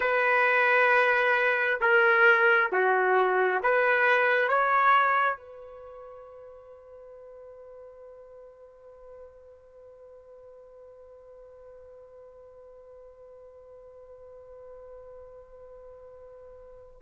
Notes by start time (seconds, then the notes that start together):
0.00 B4
1.80 A#4
2.72 F#4
3.62 B4
4.48 C#5
5.37 B4